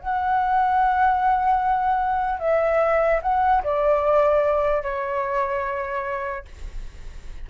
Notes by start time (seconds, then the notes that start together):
0.00 F#5
2.40 E5
3.22 F#5
3.64 D5
4.83 C#5